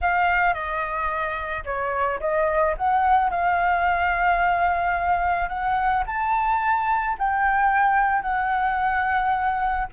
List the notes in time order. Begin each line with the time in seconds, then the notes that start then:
0.01 F5
0.54 D#5
1.64 C#5
2.20 D#5
2.77 F#5
3.30 F5
5.48 F#5
6.06 A5
7.18 G5
8.22 F#5